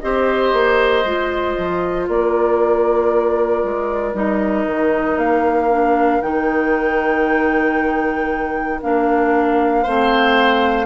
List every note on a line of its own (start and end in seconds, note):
0.00 0.53 C4
0.00 1.05 G4
0.00 2.09 C5
0.00 2.07 D#5
0.53 1.04 A#3
1.04 1.56 G#3
1.04 4.15 F4
1.58 2.08 F3
2.08 3.64 A#3
2.08 9.83 A#4
2.08 4.15 D5
3.64 4.14 G#3
4.14 4.66 G3
4.14 5.70 D#4
4.14 5.18 D#5
4.67 5.17 D#3
5.17 6.20 A#3
5.17 6.22 F5
5.70 6.22 D4
6.22 8.81 D#3
6.22 8.81 D#4
6.22 8.80 G5
8.82 9.86 A#3
8.82 9.85 D4
8.82 10.86 F5
9.83 10.86 A3
9.83 10.86 C4
9.83 10.86 C5